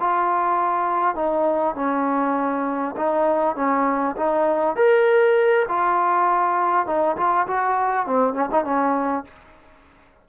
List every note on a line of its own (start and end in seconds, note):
0.00 1.15 F4
1.15 1.75 D#4
1.75 2.95 C#4
2.96 3.56 D#4
3.56 4.16 C#4
4.16 4.76 D#4
4.76 5.66 A#4
5.69 6.86 F4
6.86 7.16 D#4
7.17 7.47 F4
7.47 8.06 F#4
8.06 8.34 C4
8.34 8.49 C#4
8.51 8.65 D#4
8.65 9.25 C#4